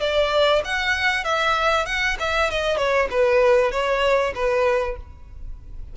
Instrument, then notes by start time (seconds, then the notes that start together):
violin
0.00 D5
0.64 F#5
1.24 E5
1.86 F#5
2.19 E5
2.50 D#5
2.77 C#5
3.10 B4
3.71 C#5
4.35 B4